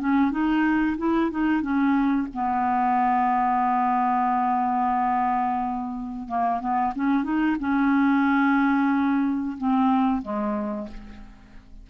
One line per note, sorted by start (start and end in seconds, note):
0.00 0.31 C#4
0.31 0.97 D#4
0.98 1.31 E4
1.31 1.62 D#4
1.62 2.28 C#4
2.34 6.28 B3
6.28 6.61 A#3
6.61 6.94 B3
6.96 7.24 C#4
7.24 7.57 D#4
7.60 9.58 C#4
9.58 10.23 C4
10.23 10.89 G#3